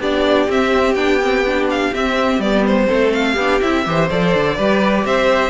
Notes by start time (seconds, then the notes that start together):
0.00 B3 D4 G4 D5
0.49 C4 E5
0.95 B3 D4 G5
1.21 C4
1.46 D4
1.71 F5
1.94 C4 E5
2.39 G3 B3 D5
2.67 C5
2.87 A3 C4 A4
3.13 F5
3.33 B3 G4
3.40 D4
3.61 C4 E4 E5
3.86 E3 G4 C5
4.11 F3 A4 D5
4.35 D3
4.57 G3 G4 B4
5.05 C4 C5 E5